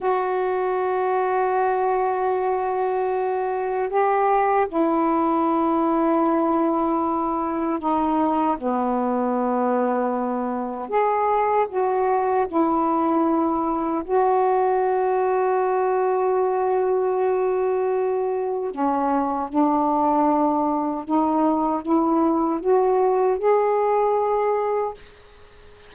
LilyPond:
\new Staff \with { instrumentName = "saxophone" } { \time 4/4 \tempo 4 = 77 fis'1~ | fis'4 g'4 e'2~ | e'2 dis'4 b4~ | b2 gis'4 fis'4 |
e'2 fis'2~ | fis'1 | cis'4 d'2 dis'4 | e'4 fis'4 gis'2 | }